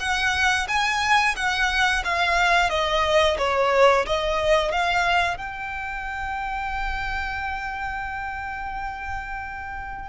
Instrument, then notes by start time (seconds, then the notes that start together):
violin
0.00 F#5
0.68 G#5
1.36 F#5
2.05 F5
2.70 D#5
3.38 C#5
4.06 D#5
4.72 F5
5.38 G5